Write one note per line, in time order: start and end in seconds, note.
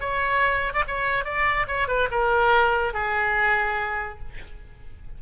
0.00 0.73 C#5
0.73 0.84 D5
0.87 1.25 C#5
1.25 1.66 D5
1.67 1.88 C#5
1.88 2.09 B4
2.11 2.93 A#4
2.93 4.19 G#4